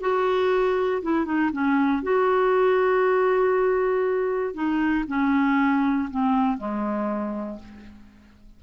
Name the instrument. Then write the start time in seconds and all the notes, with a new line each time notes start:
clarinet
0.00 F#4
1.02 E4
1.25 D#4
1.52 C#4
2.02 F#4
4.54 D#4
5.07 C#4
6.10 C4
6.57 G#3